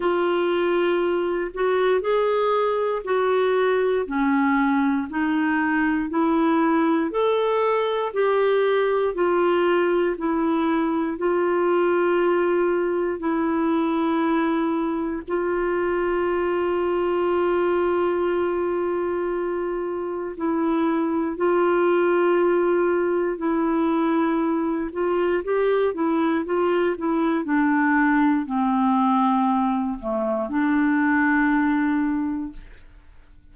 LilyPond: \new Staff \with { instrumentName = "clarinet" } { \time 4/4 \tempo 4 = 59 f'4. fis'8 gis'4 fis'4 | cis'4 dis'4 e'4 a'4 | g'4 f'4 e'4 f'4~ | f'4 e'2 f'4~ |
f'1 | e'4 f'2 e'4~ | e'8 f'8 g'8 e'8 f'8 e'8 d'4 | c'4. a8 d'2 | }